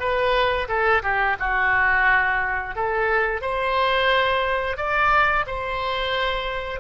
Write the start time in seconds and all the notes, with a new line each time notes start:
0.00 B4
0.68 A4
1.03 G4
1.40 F#4
2.76 A4
3.42 C5
4.77 D5
5.47 C5